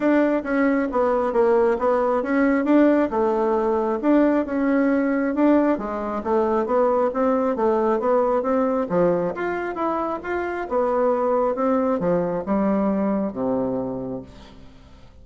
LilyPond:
\new Staff \with { instrumentName = "bassoon" } { \time 4/4 \tempo 4 = 135 d'4 cis'4 b4 ais4 | b4 cis'4 d'4 a4~ | a4 d'4 cis'2 | d'4 gis4 a4 b4 |
c'4 a4 b4 c'4 | f4 f'4 e'4 f'4 | b2 c'4 f4 | g2 c2 | }